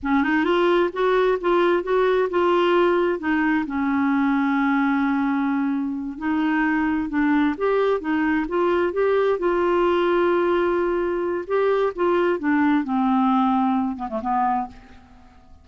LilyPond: \new Staff \with { instrumentName = "clarinet" } { \time 4/4 \tempo 4 = 131 cis'8 dis'8 f'4 fis'4 f'4 | fis'4 f'2 dis'4 | cis'1~ | cis'4. dis'2 d'8~ |
d'8 g'4 dis'4 f'4 g'8~ | g'8 f'2.~ f'8~ | f'4 g'4 f'4 d'4 | c'2~ c'8 b16 a16 b4 | }